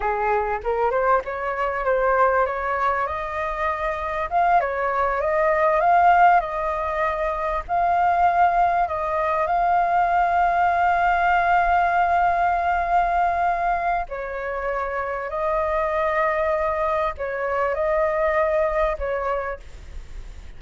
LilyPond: \new Staff \with { instrumentName = "flute" } { \time 4/4 \tempo 4 = 98 gis'4 ais'8 c''8 cis''4 c''4 | cis''4 dis''2 f''8 cis''8~ | cis''8 dis''4 f''4 dis''4.~ | dis''8 f''2 dis''4 f''8~ |
f''1~ | f''2. cis''4~ | cis''4 dis''2. | cis''4 dis''2 cis''4 | }